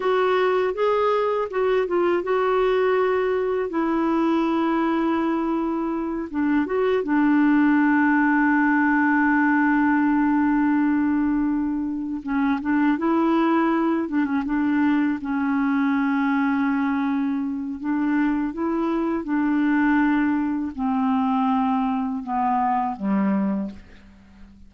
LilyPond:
\new Staff \with { instrumentName = "clarinet" } { \time 4/4 \tempo 4 = 81 fis'4 gis'4 fis'8 f'8 fis'4~ | fis'4 e'2.~ | e'8 d'8 fis'8 d'2~ d'8~ | d'1~ |
d'8 cis'8 d'8 e'4. d'16 cis'16 d'8~ | d'8 cis'2.~ cis'8 | d'4 e'4 d'2 | c'2 b4 g4 | }